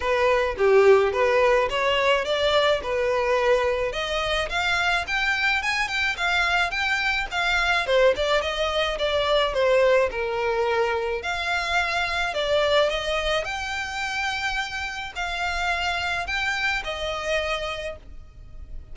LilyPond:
\new Staff \with { instrumentName = "violin" } { \time 4/4 \tempo 4 = 107 b'4 g'4 b'4 cis''4 | d''4 b'2 dis''4 | f''4 g''4 gis''8 g''8 f''4 | g''4 f''4 c''8 d''8 dis''4 |
d''4 c''4 ais'2 | f''2 d''4 dis''4 | g''2. f''4~ | f''4 g''4 dis''2 | }